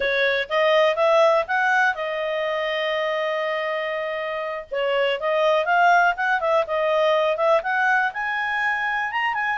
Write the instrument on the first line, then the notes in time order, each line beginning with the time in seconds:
clarinet
0.00 C#5
0.49 D#5
0.95 E5
1.47 F#5
1.94 D#5
4.71 C#5
5.20 D#5
5.65 F5
6.16 F#5
6.40 E5
6.66 D#5
7.36 E5
7.62 F#5
8.13 G#5
9.11 A#5
9.34 G#5